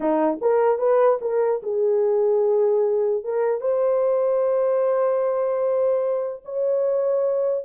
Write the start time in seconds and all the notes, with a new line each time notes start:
0.00 D#4
0.41 A#4
0.78 B4
1.21 A#4
1.63 G#4
3.24 A#4
3.60 C5
6.44 C#5